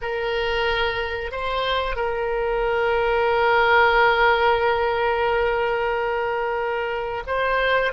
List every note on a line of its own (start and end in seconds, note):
0.01 1.31 A#4
1.31 1.96 C5
1.96 7.23 A#4
7.26 7.92 C5